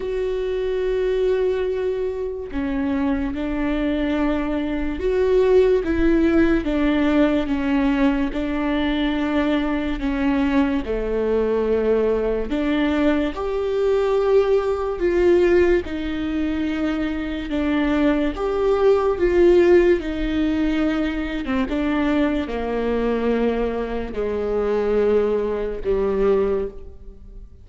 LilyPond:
\new Staff \with { instrumentName = "viola" } { \time 4/4 \tempo 4 = 72 fis'2. cis'4 | d'2 fis'4 e'4 | d'4 cis'4 d'2 | cis'4 a2 d'4 |
g'2 f'4 dis'4~ | dis'4 d'4 g'4 f'4 | dis'4.~ dis'16 c'16 d'4 ais4~ | ais4 gis2 g4 | }